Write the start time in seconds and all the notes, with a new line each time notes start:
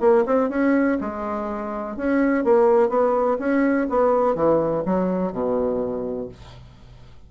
0.00 A#3
0.25 C4
0.49 C#4
1.01 G#3
1.96 C#4
2.44 A#3
2.89 B3
3.39 C#4
3.89 B3
4.35 E3
4.85 F#3
5.32 B2